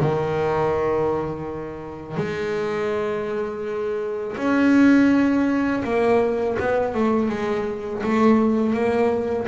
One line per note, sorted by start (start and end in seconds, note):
0.00 2.17 D#3
2.17 4.36 G#3
4.37 5.83 C#4
5.84 6.58 A#3
6.59 6.95 B3
6.95 7.29 A3
7.29 8.03 G#3
8.03 8.74 A3
8.74 9.47 A#3